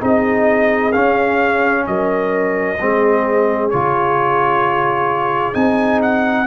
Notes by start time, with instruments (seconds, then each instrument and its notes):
0.00 tuba C4, trombone D#4, horn G#4, trumpet D#5
0.92 trombone C#4, tuba C#4, trumpet F5
1.87 tuba F#3, horn A#4, trumpet D#5
2.81 tuba G#3, trombone C4, horn G#4
3.70 tuba C#3, trombone F4, trumpet C#5
5.54 tuba C4, trombone D#4, trumpet G#5
6.02 trumpet F#5